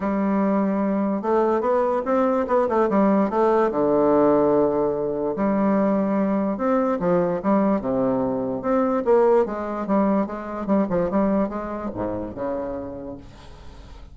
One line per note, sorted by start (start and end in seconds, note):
0.00 1.22 G3
1.22 1.60 A3
1.60 2.01 B3
2.05 2.46 C4
2.47 2.67 B3
2.68 2.89 A3
2.89 3.30 G3
3.30 3.71 A3
3.71 5.35 D3
5.35 6.57 G3
6.57 6.98 C4
6.99 7.40 F3
7.42 7.80 G3
7.80 8.62 C3
8.62 9.03 C4
9.04 9.45 A#3
9.45 9.86 G#3
9.86 10.26 G3
10.26 10.66 G#3
10.66 10.87 G3
10.89 11.10 F3
11.10 11.48 G3
11.48 11.90 G#3
11.94 12.34 G#2
12.34 13.17 C#3